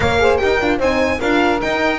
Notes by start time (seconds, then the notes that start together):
0.00 A#3 A#4 C#5 F5
0.19 G#4 C5
0.37 D#4 G4 A#4 G5
0.60 D4 F4
0.77 C4 D#4 C5 G#5
1.19 D4 F4 A#4 F5
1.59 D#4 G5